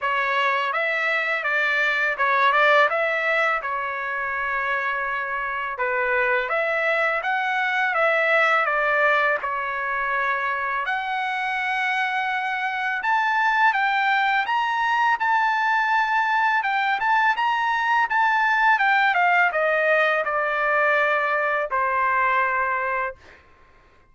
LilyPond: \new Staff \with { instrumentName = "trumpet" } { \time 4/4 \tempo 4 = 83 cis''4 e''4 d''4 cis''8 d''8 | e''4 cis''2. | b'4 e''4 fis''4 e''4 | d''4 cis''2 fis''4~ |
fis''2 a''4 g''4 | ais''4 a''2 g''8 a''8 | ais''4 a''4 g''8 f''8 dis''4 | d''2 c''2 | }